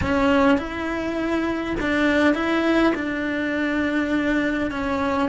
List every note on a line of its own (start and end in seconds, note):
0.01 0.57 C#4
0.57 1.75 E4
1.80 2.34 D4
2.34 2.93 E4
2.94 4.71 D4
4.71 5.29 C#4